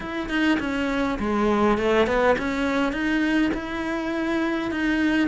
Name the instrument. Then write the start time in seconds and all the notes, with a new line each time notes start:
cello
0.00 E4
0.29 D#4
0.59 C#4
1.19 G#3
1.78 A3
2.06 B3
2.38 C#4
2.92 D#4
3.54 E4
4.71 D#4